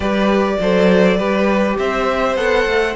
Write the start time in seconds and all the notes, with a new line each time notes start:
0.00 G3 G4 B4 D5
0.59 F#3 A4 C5
1.17 G3 G4 B4
1.78 C4 C5 E5
2.36 B3 A4 F#5
2.65 A3